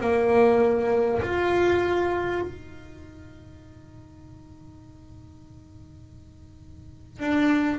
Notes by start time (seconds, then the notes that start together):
0.00 A#3
1.21 F4
2.41 D#4
7.19 D4